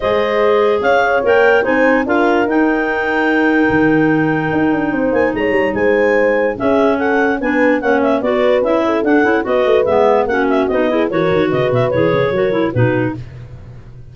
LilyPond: <<
  \new Staff \with { instrumentName = "clarinet" } { \time 4/4 \tempo 4 = 146 dis''2 f''4 g''4 | gis''4 f''4 g''2~ | g''1~ | g''8 gis''8 ais''4 gis''2 |
e''4 fis''4 gis''4 fis''8 e''8 | d''4 e''4 fis''4 dis''4 | e''4 fis''8 e''8 dis''4 cis''4 | dis''8 e''8 cis''2 b'4 | }
  \new Staff \with { instrumentName = "horn" } { \time 4/4 c''2 cis''2 | c''4 ais'2.~ | ais'1 | c''4 cis''4 c''2 |
gis'4 a'4 b'4 cis''4 | b'4. a'4. b'4~ | b'4 fis'4. gis'8 ais'4 | b'2 ais'4 fis'4 | }
  \new Staff \with { instrumentName = "clarinet" } { \time 4/4 gis'2. ais'4 | dis'4 f'4 dis'2~ | dis'1~ | dis'1 |
cis'2 d'4 cis'4 | fis'4 e'4 d'8 e'8 fis'4 | b4 cis'4 dis'8 e'8 fis'4~ | fis'4 gis'4 fis'8 e'8 dis'4 | }
  \new Staff \with { instrumentName = "tuba" } { \time 4/4 gis2 cis'4 ais4 | c'4 d'4 dis'2~ | dis'4 dis2 dis'8 d'8 | c'8 ais8 gis8 g8 gis2 |
cis'2 b4 ais4 | b4 cis'4 d'8 cis'8 b8 a8 | gis4 ais4 b4 e8 dis8 | cis8 b,8 e8 cis8 fis4 b,4 | }
>>